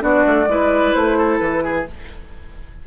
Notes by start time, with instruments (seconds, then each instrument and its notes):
0.00 bassoon B3, clarinet D4, oboe F#4, flute D5
0.27 bassoon A3
0.47 bassoon G#3, clarinet E4, oboe B4
0.94 bassoon A3, flute C5
1.18 oboe A4
1.39 bassoon E3, flute B4
1.64 oboe G#4